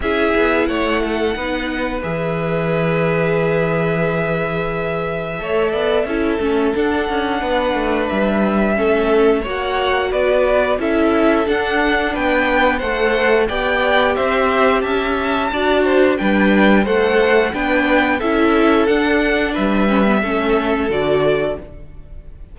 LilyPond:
<<
  \new Staff \with { instrumentName = "violin" } { \time 4/4 \tempo 4 = 89 e''4 fis''2 e''4~ | e''1~ | e''2 fis''2 | e''2 fis''4 d''4 |
e''4 fis''4 g''4 fis''4 | g''4 e''4 a''2 | g''4 fis''4 g''4 e''4 | fis''4 e''2 d''4 | }
  \new Staff \with { instrumentName = "violin" } { \time 4/4 gis'4 cis''8 a'8 b'2~ | b'1 | cis''8 d''8 a'2 b'4~ | b'4 a'4 cis''4 b'4 |
a'2 b'4 c''4 | d''4 c''4 e''4 d''8 c''8 | b'4 c''4 b'4 a'4~ | a'4 b'4 a'2 | }
  \new Staff \with { instrumentName = "viola" } { \time 4/4 e'2 dis'4 gis'4~ | gis'1 | a'4 e'8 cis'8 d'2~ | d'4 cis'4 fis'2 |
e'4 d'2 a'4 | g'2. fis'4 | d'4 a'4 d'4 e'4 | d'4. cis'16 b16 cis'4 fis'4 | }
  \new Staff \with { instrumentName = "cello" } { \time 4/4 cis'8 b8 a4 b4 e4~ | e1 | a8 b8 cis'8 a8 d'8 cis'8 b8 a8 | g4 a4 ais4 b4 |
cis'4 d'4 b4 a4 | b4 c'4 cis'4 d'4 | g4 a4 b4 cis'4 | d'4 g4 a4 d4 | }
>>